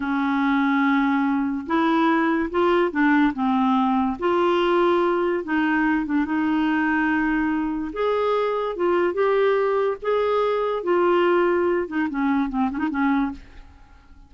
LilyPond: \new Staff \with { instrumentName = "clarinet" } { \time 4/4 \tempo 4 = 144 cis'1 | e'2 f'4 d'4 | c'2 f'2~ | f'4 dis'4. d'8 dis'4~ |
dis'2. gis'4~ | gis'4 f'4 g'2 | gis'2 f'2~ | f'8 dis'8 cis'4 c'8 cis'16 dis'16 cis'4 | }